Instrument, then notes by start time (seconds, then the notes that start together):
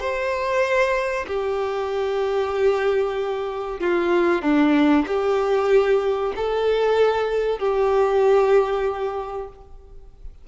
violin
0.00 C5
1.27 G4
3.80 F4
4.42 D4
5.07 G4
6.36 A4
7.59 G4